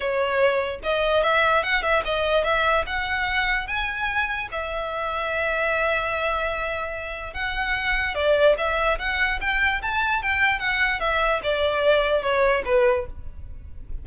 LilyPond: \new Staff \with { instrumentName = "violin" } { \time 4/4 \tempo 4 = 147 cis''2 dis''4 e''4 | fis''8 e''8 dis''4 e''4 fis''4~ | fis''4 gis''2 e''4~ | e''1~ |
e''2 fis''2 | d''4 e''4 fis''4 g''4 | a''4 g''4 fis''4 e''4 | d''2 cis''4 b'4 | }